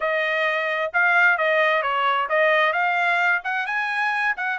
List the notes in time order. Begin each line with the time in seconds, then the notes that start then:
0.00 D#5
0.93 F5
1.37 D#5
1.82 C#5
2.29 D#5
2.73 F5
3.44 F#5
3.66 G#5
4.36 F#5